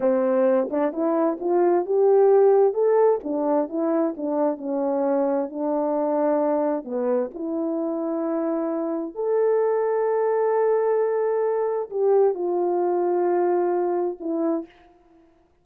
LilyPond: \new Staff \with { instrumentName = "horn" } { \time 4/4 \tempo 4 = 131 c'4. d'8 e'4 f'4 | g'2 a'4 d'4 | e'4 d'4 cis'2 | d'2. b4 |
e'1 | a'1~ | a'2 g'4 f'4~ | f'2. e'4 | }